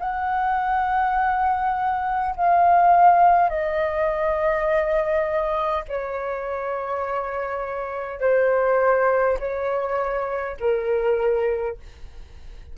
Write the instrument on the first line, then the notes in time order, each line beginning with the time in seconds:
flute
0.00 F#5
2.36 F5
3.50 D#5
5.88 C#5
8.20 C5
9.40 C#5
10.60 A#4